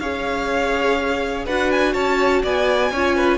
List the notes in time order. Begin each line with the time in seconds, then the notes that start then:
0.00 C#4 G#4 C#5 F5
1.46 D4 F#4 B4 F#5
1.72 G#5
1.93 C#4 C#5 A5
2.43 B3 D5 G#5
2.91 C#4 F4 C#5
3.17 B4